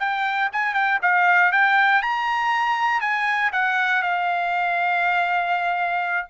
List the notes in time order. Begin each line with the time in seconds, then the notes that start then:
0.00 G5
0.53 G#5
0.74 G5
1.02 F5
1.52 G5
2.02 A#5
3.01 G#5
3.53 F#5
4.02 F5